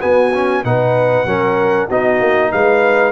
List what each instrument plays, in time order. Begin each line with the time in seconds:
0.00 trombone B3, tuba B3, horn F#4, trumpet G#5
0.34 trombone C#4
0.64 tuba B2, trombone D#4, horn B4, trumpet F#5
1.25 tuba F#3, trombone C#4, horn A#4
1.87 tuba B3, trombone D#4, horn F#4, trumpet D#5
2.20 tuba A#3
2.52 tuba G#3, horn B4, trumpet F5